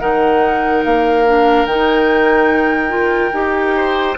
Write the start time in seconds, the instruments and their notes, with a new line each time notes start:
0.00 bassoon D#3, clarinet D#4, oboe A#4, flute F#5
0.84 bassoon A#3, flute F5
1.26 clarinet D4
1.66 bassoon D#3, clarinet D#4, flute G5
2.89 clarinet F4
3.33 bassoon D#4, clarinet G4
3.77 oboe C5